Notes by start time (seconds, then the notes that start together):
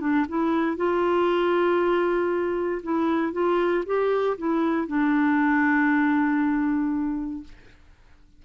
0.00 D4
0.28 E4
0.77 F4
2.83 E4
3.33 F4
3.86 G4
4.38 E4
4.87 D4